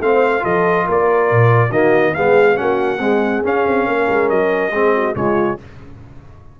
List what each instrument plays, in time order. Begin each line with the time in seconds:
0.00 tuba A3, trombone C4, horn C5, trumpet F5
0.40 tuba F3, trombone F4, horn A4, trumpet D#5
0.86 tuba A#3, horn A#4, trumpet D5
1.31 tuba A#2
1.70 tuba D#3, trombone A#3, horn F#4, trumpet D#5
2.14 tuba G#3, trombone B3, horn G#4, trumpet F5
2.56 tuba A#3, trombone C#4, horn F#4, trumpet F#5
2.99 trombone G#3, tuba C4, horn G#4
3.43 trombone C#4, tuba C#4, trumpet F5
3.67 tuba C4
3.86 tuba A#3, horn A#4
4.09 tuba G#3
4.29 tuba F#3, trumpet D#5
4.71 tuba G#3, trombone C4, horn G#4
4.95 horn F#4
5.15 tuba C#3, trombone G#3, horn F4, trumpet C#5